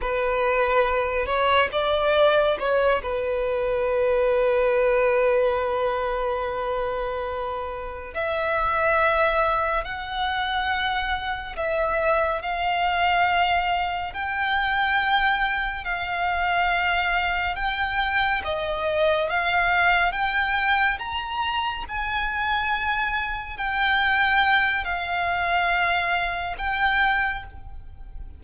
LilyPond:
\new Staff \with { instrumentName = "violin" } { \time 4/4 \tempo 4 = 70 b'4. cis''8 d''4 cis''8 b'8~ | b'1~ | b'4. e''2 fis''8~ | fis''4. e''4 f''4.~ |
f''8 g''2 f''4.~ | f''8 g''4 dis''4 f''4 g''8~ | g''8 ais''4 gis''2 g''8~ | g''4 f''2 g''4 | }